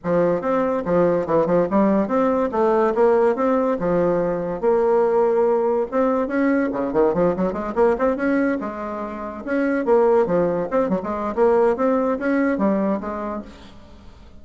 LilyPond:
\new Staff \with { instrumentName = "bassoon" } { \time 4/4 \tempo 4 = 143 f4 c'4 f4 e8 f8 | g4 c'4 a4 ais4 | c'4 f2 ais4~ | ais2 c'4 cis'4 |
cis8 dis8 f8 fis8 gis8 ais8 c'8 cis'8~ | cis'8 gis2 cis'4 ais8~ | ais8 f4 c'8 fis16 gis8. ais4 | c'4 cis'4 g4 gis4 | }